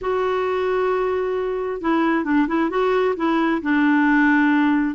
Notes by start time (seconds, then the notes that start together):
0.01 F#4
1.81 E4
2.24 D4
2.47 E4
2.70 F#4
3.16 E4
3.62 D4